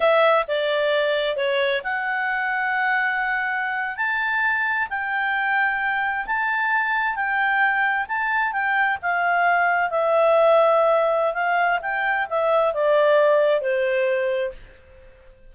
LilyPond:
\new Staff \with { instrumentName = "clarinet" } { \time 4/4 \tempo 4 = 132 e''4 d''2 cis''4 | fis''1~ | fis''8. a''2 g''4~ g''16~ | g''4.~ g''16 a''2 g''16~ |
g''4.~ g''16 a''4 g''4 f''16~ | f''4.~ f''16 e''2~ e''16~ | e''4 f''4 g''4 e''4 | d''2 c''2 | }